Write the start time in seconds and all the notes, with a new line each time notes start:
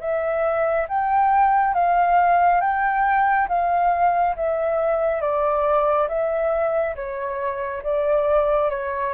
0.00 E5
0.88 G5
1.74 F5
2.61 G5
3.49 F5
4.36 E5
5.21 D5
6.08 E5
6.96 C#5
7.83 D5
8.70 C#5